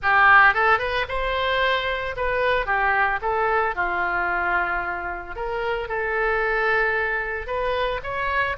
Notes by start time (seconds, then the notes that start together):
0.02 G4
0.54 A4
0.79 B4
1.08 C5
2.16 B4
2.66 G4
3.21 A4
3.75 F4
5.35 A#4
5.88 A4
7.46 B4
8.03 C#5